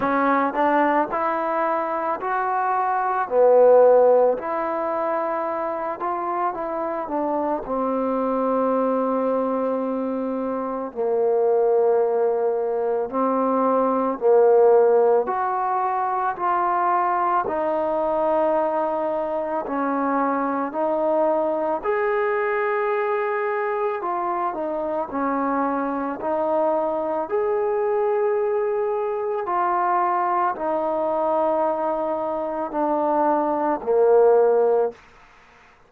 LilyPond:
\new Staff \with { instrumentName = "trombone" } { \time 4/4 \tempo 4 = 55 cis'8 d'8 e'4 fis'4 b4 | e'4. f'8 e'8 d'8 c'4~ | c'2 ais2 | c'4 ais4 fis'4 f'4 |
dis'2 cis'4 dis'4 | gis'2 f'8 dis'8 cis'4 | dis'4 gis'2 f'4 | dis'2 d'4 ais4 | }